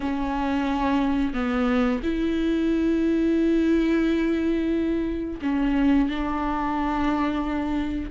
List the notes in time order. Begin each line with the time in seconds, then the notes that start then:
0.00 C#4
1.33 B3
2.03 E4
5.41 C#4
6.08 D4